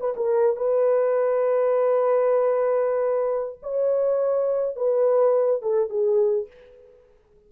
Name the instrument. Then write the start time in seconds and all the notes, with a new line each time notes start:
horn
0.00 B4
0.17 A#4
0.57 B4
3.62 C#5
4.76 B4
5.62 A4
5.90 G#4